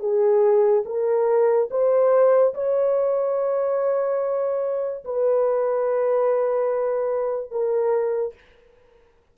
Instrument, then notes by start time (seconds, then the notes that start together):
horn
0.00 G#4
0.86 A#4
1.70 C5
2.54 C#5
5.05 B4
7.51 A#4